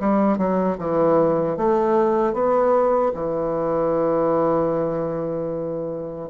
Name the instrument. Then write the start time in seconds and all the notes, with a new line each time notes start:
bassoon
0.00 G3
0.38 F#3
0.78 E3
1.57 A3
2.34 B3
3.14 E3